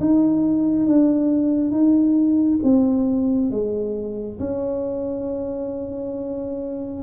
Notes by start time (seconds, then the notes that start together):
0.00 D#4
0.86 D4
1.71 D#4
2.63 C4
3.51 G#3
4.39 C#4